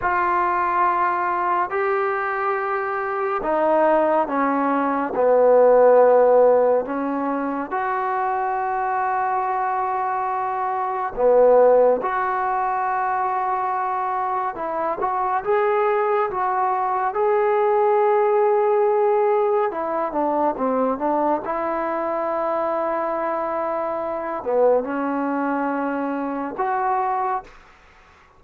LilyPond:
\new Staff \with { instrumentName = "trombone" } { \time 4/4 \tempo 4 = 70 f'2 g'2 | dis'4 cis'4 b2 | cis'4 fis'2.~ | fis'4 b4 fis'2~ |
fis'4 e'8 fis'8 gis'4 fis'4 | gis'2. e'8 d'8 | c'8 d'8 e'2.~ | e'8 b8 cis'2 fis'4 | }